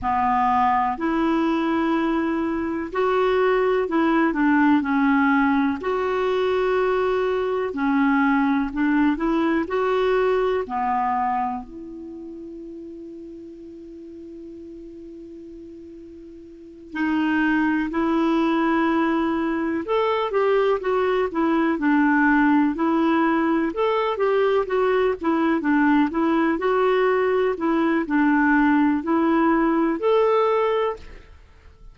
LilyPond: \new Staff \with { instrumentName = "clarinet" } { \time 4/4 \tempo 4 = 62 b4 e'2 fis'4 | e'8 d'8 cis'4 fis'2 | cis'4 d'8 e'8 fis'4 b4 | e'1~ |
e'4. dis'4 e'4.~ | e'8 a'8 g'8 fis'8 e'8 d'4 e'8~ | e'8 a'8 g'8 fis'8 e'8 d'8 e'8 fis'8~ | fis'8 e'8 d'4 e'4 a'4 | }